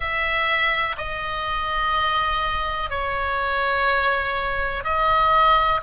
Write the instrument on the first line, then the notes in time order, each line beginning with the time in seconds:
oboe
0.00 E5
0.97 D#5
2.90 C#5
4.84 D#5